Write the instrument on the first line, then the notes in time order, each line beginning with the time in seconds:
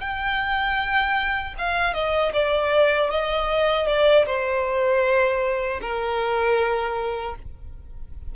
violin
0.00 G5
1.58 F5
1.93 D#5
2.33 D5
3.10 D#5
3.87 D5
4.26 C5
5.81 A#4